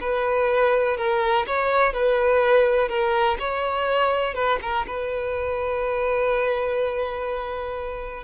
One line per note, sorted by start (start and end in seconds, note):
0.00 0.97 B4
0.97 1.45 A#4
1.46 1.93 C#5
1.93 2.89 B4
2.89 3.37 A#4
3.39 4.34 C#5
4.34 4.58 B4
4.62 4.86 A#4
4.87 8.23 B4